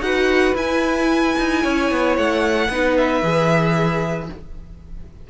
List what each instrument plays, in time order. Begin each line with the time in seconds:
0.00 cello D#4, viola F#4, violin B4 F#5
0.55 cello E4, viola E4, violin G#5
1.38 cello D#4
1.62 cello C#4, violin C#5
1.91 cello B3
2.17 cello A3, violin F#5
2.68 cello B3, viola D#4, violin B4
2.97 violin E5
3.23 cello E3, viola G#4